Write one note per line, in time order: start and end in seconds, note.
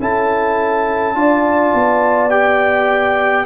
0.00 1.15 C#4
0.00 1.15 E4
0.00 1.17 A4
0.00 2.31 A5
1.15 1.73 D4
1.15 2.30 F4
1.15 3.46 D5
1.74 3.46 B3
2.30 3.45 G4
2.30 3.46 G5